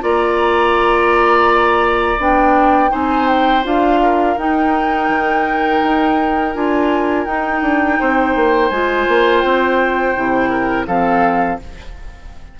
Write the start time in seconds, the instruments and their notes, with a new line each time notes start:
0.00 bassoon A#3, clarinet F4, oboe D5, flute A#5
2.18 bassoon B3, clarinet D4, flute G5
2.89 bassoon C4, clarinet D#4, oboe C5, flute G#5
3.28 flute G5
3.63 bassoon D4, clarinet F4, flute F5
4.02 oboe A#4
4.37 bassoon D#4, clarinet D#4, flute G5
5.08 bassoon D#3
5.83 bassoon D#4
6.54 bassoon D4, clarinet F4, flute G#5
7.25 bassoon D#4, clarinet D#4, flute G5
7.61 bassoon D4
7.99 bassoon C4, oboe C5
8.35 bassoon A#3
8.69 bassoon G#3, clarinet F4, flute G#5
9.08 bassoon A#3
9.40 bassoon C4, flute G5
10.15 bassoon C3, clarinet E4
10.50 oboe A#4
10.87 bassoon F3, clarinet C4, oboe A4, flute F5